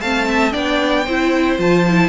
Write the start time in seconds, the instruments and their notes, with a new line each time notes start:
0.00 cello A3, viola C4, violin F5 A5
0.28 violin E5
0.51 cello B3, viola D4, violin D5 G5
1.05 cello C4, viola E4, violin C5
1.58 cello F3, viola F4, violin A5
1.88 viola E4